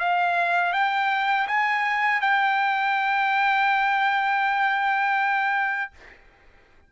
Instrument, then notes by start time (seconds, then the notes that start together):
trumpet
0.00 F5
0.73 G5
1.48 G#5
2.22 G5